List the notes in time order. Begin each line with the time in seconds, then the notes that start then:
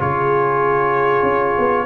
0.00 C#3 F4 G#4 C#5
1.23 C#4
1.58 B3